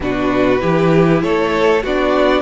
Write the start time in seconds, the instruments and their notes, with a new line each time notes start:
0.00 cello B2, viola D4, violin F#4 B4
0.59 cello E3, viola E4, violin G4
1.22 cello A3, violin A4 C#5
1.82 cello B3, viola D4, violin F#4 D5